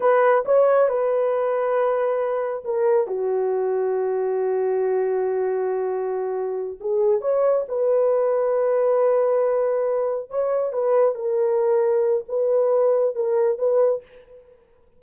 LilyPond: \new Staff \with { instrumentName = "horn" } { \time 4/4 \tempo 4 = 137 b'4 cis''4 b'2~ | b'2 ais'4 fis'4~ | fis'1~ | fis'2.~ fis'8 gis'8~ |
gis'8 cis''4 b'2~ b'8~ | b'2.~ b'8 cis''8~ | cis''8 b'4 ais'2~ ais'8 | b'2 ais'4 b'4 | }